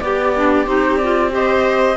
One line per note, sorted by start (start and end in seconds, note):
0.00 0.67 B3
0.00 1.32 G4
0.00 0.33 G4
0.00 0.66 D5
0.36 0.66 D4
0.66 1.96 C4
0.66 0.99 D#4
0.66 0.97 C5
0.97 1.31 F4
0.97 1.30 D5
1.31 1.96 G4
1.31 1.96 C5
1.31 1.96 D#5